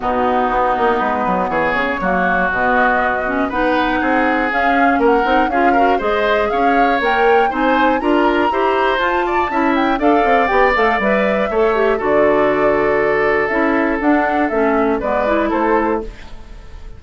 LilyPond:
<<
  \new Staff \with { instrumentName = "flute" } { \time 4/4 \tempo 4 = 120 fis'2 b'4 cis''4~ | cis''4 dis''2 fis''4~ | fis''4 f''4 fis''4 f''4 | dis''4 f''4 g''4 gis''4 |
ais''2 a''4. g''8 | f''4 g''8 f''8 e''2 | d''2. e''4 | fis''4 e''4 d''4 c''4 | }
  \new Staff \with { instrumentName = "oboe" } { \time 4/4 dis'2. gis'4 | fis'2. b'4 | gis'2 ais'4 gis'8 ais'8 | c''4 cis''2 c''4 |
ais'4 c''4. d''8 e''4 | d''2. cis''4 | a'1~ | a'2 b'4 a'4 | }
  \new Staff \with { instrumentName = "clarinet" } { \time 4/4 b1 | ais4 b4. cis'8 dis'4~ | dis'4 cis'4. dis'8 f'8 fis'8 | gis'2 ais'4 dis'4 |
f'4 g'4 f'4 e'4 | a'4 g'8 a'8 b'4 a'8 g'8 | fis'2. e'4 | d'4 cis'4 b8 e'4. | }
  \new Staff \with { instrumentName = "bassoon" } { \time 4/4 b,4 b8 ais8 gis8 fis8 e8 cis8 | fis4 b,2 b4 | c'4 cis'4 ais8 c'8 cis'4 | gis4 cis'4 ais4 c'4 |
d'4 e'4 f'4 cis'4 | d'8 c'8 b8 a8 g4 a4 | d2. cis'4 | d'4 a4 gis4 a4 | }
>>